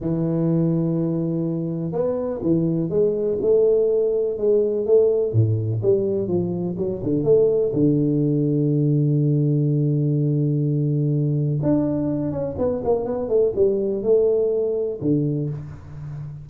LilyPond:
\new Staff \with { instrumentName = "tuba" } { \time 4/4 \tempo 4 = 124 e1 | b4 e4 gis4 a4~ | a4 gis4 a4 a,4 | g4 f4 fis8 d8 a4 |
d1~ | d1 | d'4. cis'8 b8 ais8 b8 a8 | g4 a2 d4 | }